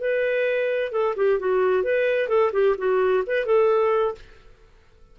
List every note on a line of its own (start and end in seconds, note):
0.00 0.91 B4
0.91 1.15 A4
1.16 1.39 G4
1.39 1.83 F#4
1.83 2.28 B4
2.28 2.51 A4
2.52 2.75 G4
2.77 3.23 F#4
3.26 3.46 B4
3.46 4.15 A4